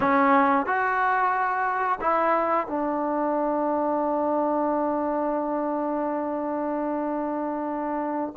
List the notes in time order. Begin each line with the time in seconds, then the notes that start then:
0.00 C#4
0.65 F#4
2.00 E4
2.67 D4